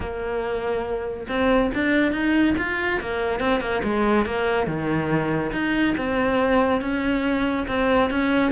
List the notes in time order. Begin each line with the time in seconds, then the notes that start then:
0.00 A#3
1.28 C4
1.74 D4
2.12 D#4
2.57 F4
3.00 A#3
3.40 C4
3.60 A#3
3.83 G#3
4.25 A#3
4.66 D#3
5.51 D#4
5.97 C4
6.81 C#4
7.67 C4
8.10 C#4